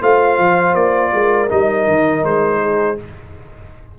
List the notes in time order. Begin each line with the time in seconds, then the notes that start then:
0.00 A3 F4 C5 F5
0.39 F3
0.75 A#3 D5
1.13 G#3 A#4
1.49 G3 D#4 D#5
1.88 D#3
2.24 G#3 C5
2.61 G#4